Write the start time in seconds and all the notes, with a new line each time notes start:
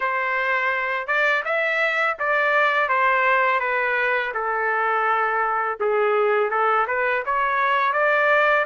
0.00 C5
1.06 D5
1.45 E5
2.19 D5
2.88 C5
3.59 B4
4.33 A4
5.80 G#4
6.50 A4
6.87 B4
7.25 C#5
7.92 D5